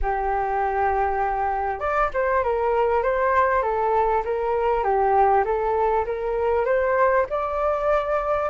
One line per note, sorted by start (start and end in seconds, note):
0.02 1.79 G4
1.79 2.09 D5
2.13 2.43 C5
2.43 3.02 A#4
3.02 3.62 C5
3.62 4.23 A4
4.25 4.83 A#4
4.83 5.44 G4
5.44 6.05 A4
6.05 6.65 A#4
6.65 7.26 C5
7.29 8.49 D5